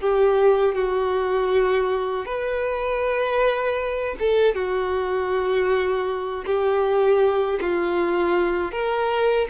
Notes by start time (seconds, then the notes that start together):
0.00 G4
0.75 F#4
2.26 B4
4.19 A4
4.55 F#4
6.46 G4
7.61 F4
8.72 A#4